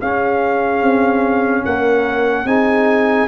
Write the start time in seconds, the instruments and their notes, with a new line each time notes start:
0.00 trombone C#4, tuba C#4, horn G#4, trumpet F5
0.81 tuba C4
1.65 tuba A#3, horn A#4, trumpet F#5
2.45 tuba C4, trombone D#4, horn G#4, trumpet G#5